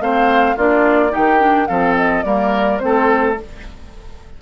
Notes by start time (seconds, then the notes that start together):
0.00 A3 C4 C5 F5
0.56 A#3 D4 F4 D5
1.10 D#4 G4 G5
1.16 D#3
1.39 D4
1.66 F3 C4 A4 F5
1.96 D#5
2.23 G3 A#3 A#4 D5
2.79 A3 C4 C5
2.85 A4